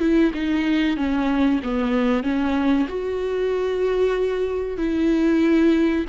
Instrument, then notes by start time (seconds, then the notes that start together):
viola
0.00 E4
0.35 D#4
0.97 C#4
1.64 B3
2.24 C#4
2.89 F#4
4.78 E4